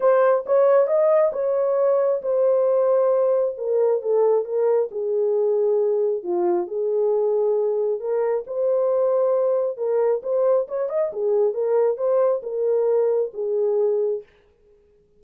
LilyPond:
\new Staff \with { instrumentName = "horn" } { \time 4/4 \tempo 4 = 135 c''4 cis''4 dis''4 cis''4~ | cis''4 c''2. | ais'4 a'4 ais'4 gis'4~ | gis'2 f'4 gis'4~ |
gis'2 ais'4 c''4~ | c''2 ais'4 c''4 | cis''8 dis''8 gis'4 ais'4 c''4 | ais'2 gis'2 | }